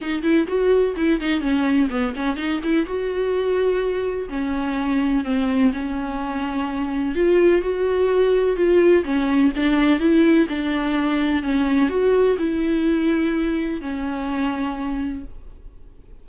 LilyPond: \new Staff \with { instrumentName = "viola" } { \time 4/4 \tempo 4 = 126 dis'8 e'8 fis'4 e'8 dis'8 cis'4 | b8 cis'8 dis'8 e'8 fis'2~ | fis'4 cis'2 c'4 | cis'2. f'4 |
fis'2 f'4 cis'4 | d'4 e'4 d'2 | cis'4 fis'4 e'2~ | e'4 cis'2. | }